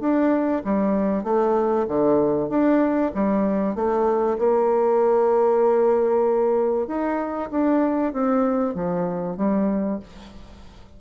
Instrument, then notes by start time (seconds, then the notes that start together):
bassoon
0.00 D4
0.64 G3
1.24 A3
1.88 D3
2.49 D4
3.15 G3
3.75 A3
4.39 A#3
6.88 D#4
7.51 D4
8.13 C4
8.74 F3
9.37 G3